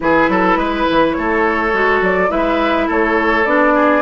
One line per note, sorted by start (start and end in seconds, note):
0.00 0.28 E3
0.00 1.72 E4
0.00 0.30 G#4
0.00 1.12 B4
0.28 0.56 F#3
0.28 0.58 A4
0.56 0.84 G#3
0.56 1.16 B4
0.90 1.17 E3
1.12 1.73 A3
1.12 2.31 A4
1.12 1.98 C#5
1.72 2.01 G#3
1.72 2.28 F#4
2.01 2.30 F#3
2.01 2.30 D5
2.28 2.87 G#3
2.28 3.43 E4
2.28 2.87 B4
2.28 2.88 E5
2.87 3.45 A3
2.87 3.73 A4
2.87 3.45 C#5
3.45 4.02 B3
3.45 4.02 D4
3.45 4.02 D5
3.74 4.02 G#4